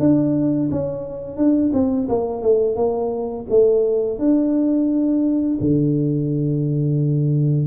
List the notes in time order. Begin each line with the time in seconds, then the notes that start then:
0.00 D4
0.72 C#4
1.37 D4
1.73 C4
2.09 A#3
2.43 A3
2.77 A#3
3.50 A3
4.20 D4
5.61 D3